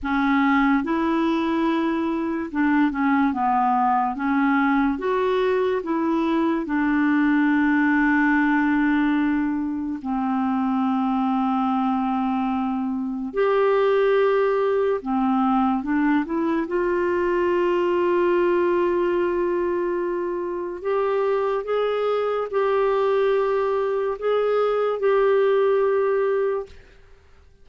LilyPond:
\new Staff \with { instrumentName = "clarinet" } { \time 4/4 \tempo 4 = 72 cis'4 e'2 d'8 cis'8 | b4 cis'4 fis'4 e'4 | d'1 | c'1 |
g'2 c'4 d'8 e'8 | f'1~ | f'4 g'4 gis'4 g'4~ | g'4 gis'4 g'2 | }